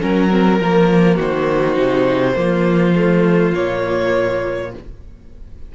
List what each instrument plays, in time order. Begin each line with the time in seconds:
0.00 cello F#3, viola C#4, violin A#4
0.30 viola C4
0.60 cello F3, viola A#3
1.16 cello D#3, violin F#4 C5
1.73 cello C3, viola D#4
2.35 cello F3, viola A#3, violin F4
2.95 viola A3
3.54 cello A#2, viola A#3, violin C#5